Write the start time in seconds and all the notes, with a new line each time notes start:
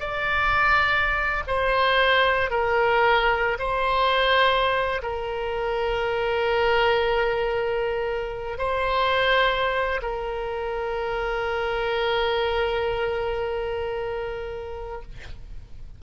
0.00 D5
1.47 C5
2.50 A#4
3.59 C5
5.02 A#4
8.58 C5
10.02 A#4